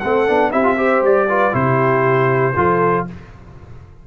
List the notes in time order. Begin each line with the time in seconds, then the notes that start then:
0.00 A3 C4 A4 F#5
0.27 B3 D4
0.52 C4 E4 G4 E5
0.63 F4
0.76 G4 C5
1.01 G3 D5
1.29 F4 B4
1.52 C3 E4 G4 C5
2.56 F3 F4 A4